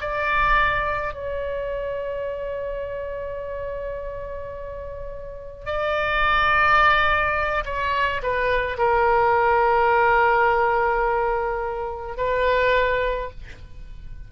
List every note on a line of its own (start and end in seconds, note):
0.00 1.13 D5
1.13 5.66 C#5
5.66 7.64 D5
7.65 8.21 C#5
8.22 8.77 B4
8.77 12.16 A#4
12.16 13.30 B4